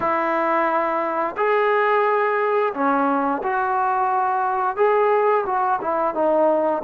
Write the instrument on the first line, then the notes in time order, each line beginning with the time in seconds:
trombone
0.00 E4
1.36 G#4
2.73 C#4
3.43 F#4
4.76 G#4
5.45 F#4
5.81 E4
6.14 D#4